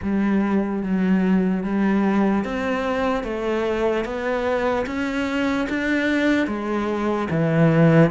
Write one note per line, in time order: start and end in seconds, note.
0.02 0.83 G3
0.83 1.63 F#3
1.63 2.44 G3
2.44 3.23 C4
3.23 4.04 A3
4.04 4.85 B3
4.86 5.67 C#4
5.69 6.46 D4
6.46 7.28 G#3
7.30 8.10 E3